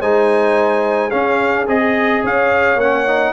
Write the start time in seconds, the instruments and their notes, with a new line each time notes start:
0.00 tuba G#3, trombone D#4, horn C5, trumpet G#5
1.09 trombone C#4, tuba C#4, horn G#4, trumpet F5
1.67 tuba C4, trombone G#4, trumpet D#5
2.23 tuba C#4, horn C#5, trumpet F5
2.75 tuba A#3, trombone C#4, trumpet F#5
3.07 trombone D#4